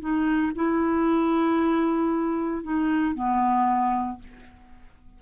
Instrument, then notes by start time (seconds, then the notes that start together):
clarinet
0.00 D#4
0.55 E4
2.63 D#4
3.14 B3